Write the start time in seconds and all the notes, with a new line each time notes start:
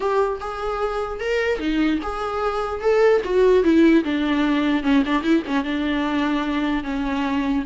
0.00 G4
0.40 G#4
1.20 A#4
1.59 D#4
2.02 G#4
2.81 A4
3.24 F#4
3.63 E4
4.03 D4
4.83 C#4
5.05 D4
5.22 E4
5.46 C#4
5.64 D4
6.83 C#4